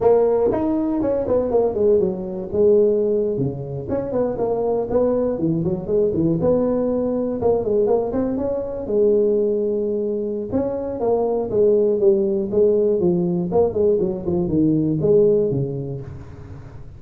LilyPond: \new Staff \with { instrumentName = "tuba" } { \time 4/4 \tempo 4 = 120 ais4 dis'4 cis'8 b8 ais8 gis8 | fis4 gis4.~ gis16 cis4 cis'16~ | cis'16 b8 ais4 b4 e8 fis8 gis16~ | gis16 e8 b2 ais8 gis8 ais16~ |
ais16 c'8 cis'4 gis2~ gis16~ | gis4 cis'4 ais4 gis4 | g4 gis4 f4 ais8 gis8 | fis8 f8 dis4 gis4 cis4 | }